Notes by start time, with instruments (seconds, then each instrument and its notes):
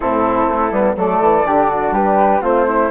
0.00 bassoon A2, trombone C4, flute E4 A4
0.49 bassoon A3
0.71 bassoon G3, trombone B3
0.95 bassoon F#3, trombone A3, flute A4 D5
1.20 bassoon E3
1.44 bassoon D3, trombone D4, flute G4
1.69 flute F#4
1.90 bassoon G3, flute G4 B4
2.41 bassoon A3, trombone C4, flute F4 C5
2.68 flute E4